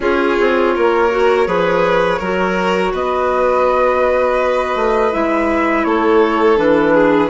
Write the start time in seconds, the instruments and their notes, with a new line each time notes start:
0.00 bassoon C#4, clarinet F4, violin G#4, flute C#5
0.40 bassoon C4
0.75 bassoon A#3, violin A#4
1.10 clarinet F#4
1.46 bassoon F3, clarinet G#4, violin B4
2.18 bassoon F#3, clarinet F#4, violin A#4
2.93 bassoon B3, violin B4, flute D#5
4.75 bassoon A3
5.12 bassoon G#3, clarinet E4, flute E5
5.84 bassoon A3, violin A4, flute C#5
6.56 bassoon E3, clarinet D4, flute B4
6.94 violin G#4